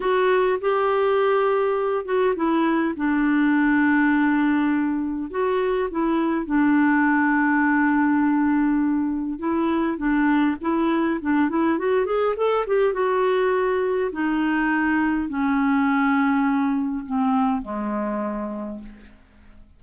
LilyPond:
\new Staff \with { instrumentName = "clarinet" } { \time 4/4 \tempo 4 = 102 fis'4 g'2~ g'8 fis'8 | e'4 d'2.~ | d'4 fis'4 e'4 d'4~ | d'1 |
e'4 d'4 e'4 d'8 e'8 | fis'8 gis'8 a'8 g'8 fis'2 | dis'2 cis'2~ | cis'4 c'4 gis2 | }